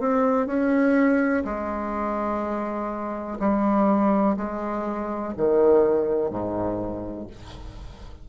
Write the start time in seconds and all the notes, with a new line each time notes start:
0.00 C4
0.47 C#4
1.45 G#3
3.39 G3
4.36 G#3
5.37 D#3
6.30 G#2